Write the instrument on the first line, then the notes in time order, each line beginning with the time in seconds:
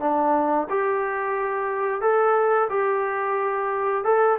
trombone
0.00 D4
0.70 G4
2.01 A4
2.69 G4
4.04 A4